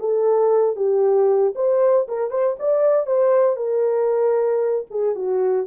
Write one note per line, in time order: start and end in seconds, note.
0.00 0.76 A4
0.76 1.54 G4
1.56 2.08 C5
2.08 2.31 A#4
2.31 2.57 C5
2.60 3.07 D5
3.07 3.57 C5
3.57 4.86 A#4
4.91 5.16 G#4
5.16 5.67 F#4